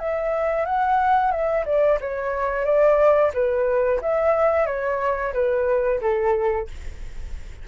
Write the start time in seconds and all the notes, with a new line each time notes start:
0.00 E5
0.66 F#5
1.32 E5
1.66 D5
2.01 C#5
2.65 D5
3.34 B4
4.02 E5
4.67 C#5
5.34 B4
6.02 A4